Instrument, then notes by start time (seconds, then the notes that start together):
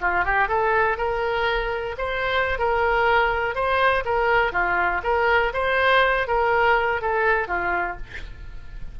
oboe
0.00 F4
0.24 G4
0.48 A4
0.97 A#4
1.97 C5
2.58 A#4
3.54 C5
4.04 A#4
4.52 F4
5.03 A#4
5.53 C5
6.27 A#4
7.01 A4
7.47 F4